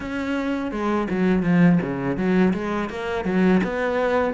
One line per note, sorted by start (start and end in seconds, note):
0.00 0.71 C#4
0.71 1.07 G#3
1.09 1.42 F#3
1.42 1.78 F3
1.82 2.17 C#3
2.17 2.53 F#3
2.53 2.89 G#3
2.89 3.25 A#3
3.25 3.61 F#3
3.63 4.33 B3